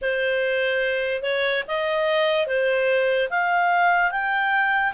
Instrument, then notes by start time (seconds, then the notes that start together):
clarinet
0.01 C5
1.22 C#5
1.67 D#5
2.47 C5
3.30 F5
4.11 G5